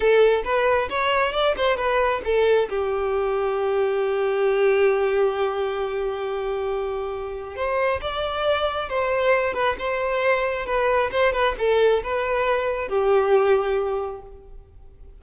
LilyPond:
\new Staff \with { instrumentName = "violin" } { \time 4/4 \tempo 4 = 135 a'4 b'4 cis''4 d''8 c''8 | b'4 a'4 g'2~ | g'1~ | g'1~ |
g'4 c''4 d''2 | c''4. b'8 c''2 | b'4 c''8 b'8 a'4 b'4~ | b'4 g'2. | }